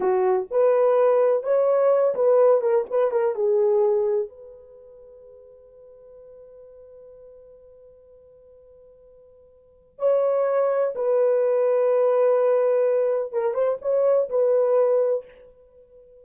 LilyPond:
\new Staff \with { instrumentName = "horn" } { \time 4/4 \tempo 4 = 126 fis'4 b'2 cis''4~ | cis''8 b'4 ais'8 b'8 ais'8 gis'4~ | gis'4 b'2.~ | b'1~ |
b'1~ | b'4 cis''2 b'4~ | b'1 | ais'8 c''8 cis''4 b'2 | }